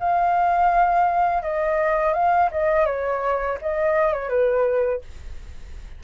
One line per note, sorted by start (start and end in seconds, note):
0.00 1.43 F5
1.43 2.14 D#5
2.14 2.50 F5
2.52 2.86 D#5
2.86 3.58 C#5
3.62 4.13 D#5
4.13 4.29 C#5
4.29 5.02 B4